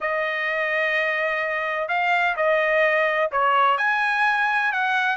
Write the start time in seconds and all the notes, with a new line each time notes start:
0.00 D#5
1.88 F5
2.36 D#5
3.31 C#5
3.77 G#5
4.72 F#5